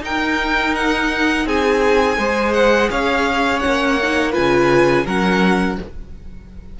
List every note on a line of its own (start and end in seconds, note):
0.00 2.17 D#4
0.00 1.45 D#4
0.00 1.46 A#4
0.00 0.75 G5
0.75 1.47 F#5
1.45 2.18 C4
1.45 2.18 G#4
1.45 2.53 G#5
2.18 2.90 G#3
2.18 3.62 G#4
2.18 2.90 C5
2.53 2.89 F#5
2.91 3.63 C#4
2.91 4.32 C#5
2.91 3.60 F5
3.60 4.37 A#3
3.60 3.98 C#4
3.60 4.32 F#5
4.03 4.32 D#4
4.32 5.06 C#3
4.32 5.05 F4
4.32 5.04 B4
4.32 5.07 G#5
5.06 5.78 F#3
5.06 5.80 C#4
5.06 5.78 A#4
5.06 5.80 F#5